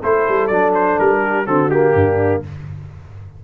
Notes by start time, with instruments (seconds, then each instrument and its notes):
0.00 tuba A3, trombone E4, horn A4, trumpet C5
0.29 tuba G3
0.47 tuba F#3, trombone D4, trumpet D5
0.75 trumpet C5
0.99 tuba G3, trumpet A#4
1.22 horn G4
1.46 tuba D3, trombone C4, horn F#4, trumpet A4
1.71 trombone A#3, trumpet G4
1.95 tuba G2, horn D4